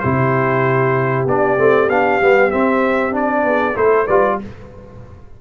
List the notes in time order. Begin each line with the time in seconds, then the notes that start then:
0.00 C3 E4 G4 C5
1.26 B3 D4 D5
1.58 A3 C4
1.89 B3 D4 F5
2.21 G3 B3
2.51 C4 E5
3.11 D4 D5
3.44 B3 G#4
3.74 A3 E4 A4 C5
4.06 G3 F4 B4 D5